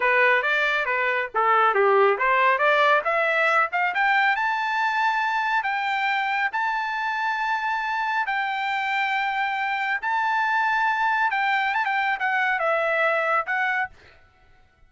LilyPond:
\new Staff \with { instrumentName = "trumpet" } { \time 4/4 \tempo 4 = 138 b'4 d''4 b'4 a'4 | g'4 c''4 d''4 e''4~ | e''8 f''8 g''4 a''2~ | a''4 g''2 a''4~ |
a''2. g''4~ | g''2. a''4~ | a''2 g''4 a''16 g''8. | fis''4 e''2 fis''4 | }